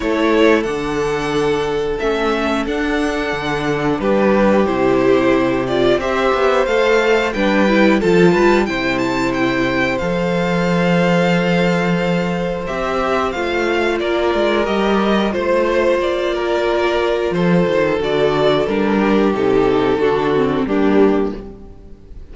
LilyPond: <<
  \new Staff \with { instrumentName = "violin" } { \time 4/4 \tempo 4 = 90 cis''4 fis''2 e''4 | fis''2 b'4 c''4~ | c''8 d''8 e''4 f''4 g''4 | a''4 g''8 a''8 g''4 f''4~ |
f''2. e''4 | f''4 d''4 dis''4 c''4 | d''2 c''4 d''4 | ais'4 a'2 g'4 | }
  \new Staff \with { instrumentName = "violin" } { \time 4/4 a'1~ | a'2 g'2~ | g'4 c''2 b'4 | a'8 b'8 c''2.~ |
c''1~ | c''4 ais'2 c''4~ | c''8 ais'4. a'2~ | a'8 g'4. fis'4 d'4 | }
  \new Staff \with { instrumentName = "viola" } { \time 4/4 e'4 d'2 cis'4 | d'2. e'4~ | e'8 f'8 g'4 a'4 d'8 e'8 | f'4 e'2 a'4~ |
a'2. g'4 | f'2 g'4 f'4~ | f'2. fis'4 | d'4 dis'4 d'8 c'8 ais4 | }
  \new Staff \with { instrumentName = "cello" } { \time 4/4 a4 d2 a4 | d'4 d4 g4 c4~ | c4 c'8 b8 a4 g4 | f8 g8 c2 f4~ |
f2. c'4 | a4 ais8 gis8 g4 a4 | ais2 f8 dis8 d4 | g4 c4 d4 g4 | }
>>